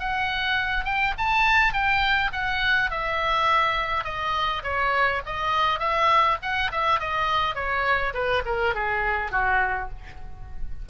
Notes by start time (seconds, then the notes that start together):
0.00 F#5
0.85 G5
1.18 A5
1.73 G5
2.33 F#5
2.91 E5
4.05 D#5
4.64 C#5
5.26 D#5
5.80 E5
6.43 F#5
6.72 E5
7.00 D#5
7.55 C#5
8.14 B4
8.46 A#4
8.75 G#4
9.32 F#4